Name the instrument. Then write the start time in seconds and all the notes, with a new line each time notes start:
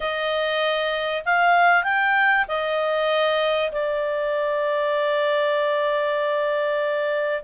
clarinet
0.00 D#5
1.25 F5
1.83 G5
2.47 D#5
3.72 D5